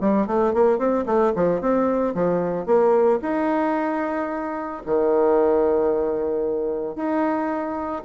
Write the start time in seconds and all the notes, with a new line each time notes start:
0.00 G3
0.27 A3
0.53 A#3
0.78 C4
1.06 A3
1.35 F3
1.61 C4
2.14 F3
2.65 A#3
3.22 D#4
4.86 D#3
6.95 D#4